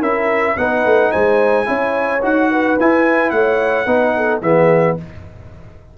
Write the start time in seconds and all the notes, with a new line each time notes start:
0.00 C#4 E4 A#4 E5
0.57 B3 D#4 B4 F#5
0.85 A3
1.11 G#3 C5 G#5
1.65 C#4 E4 C#5
2.22 D#4 F#4 F#5
2.50 B4
2.79 E4 G#5
3.30 A3 C#5 F#5
3.86 B3 D#4 B4
4.16 A4
4.41 E3 B3 G#4 E5